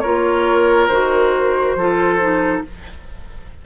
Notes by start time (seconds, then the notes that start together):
0.00 A#3 F4 A#4 C#5
0.87 D#3 F#4 C5
1.75 F3 F4 A4
2.20 D#4